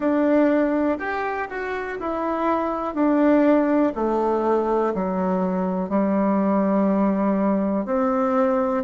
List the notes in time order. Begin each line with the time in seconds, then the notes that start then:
0.00 D4
0.98 G4
1.49 F#4
1.99 E4
2.94 D4
3.95 A3
4.94 F#3
5.89 G3
7.85 C4